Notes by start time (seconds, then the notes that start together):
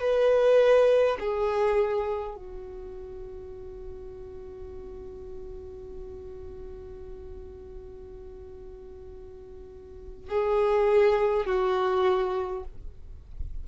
0.00 B4
1.20 G#4
2.36 F#4
10.29 G#4
11.46 F#4